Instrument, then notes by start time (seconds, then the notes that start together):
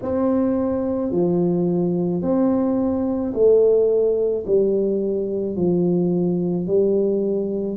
tuba
0.02 C4
1.11 F3
2.22 C4
3.33 A3
4.46 G3
5.56 F3
6.66 G3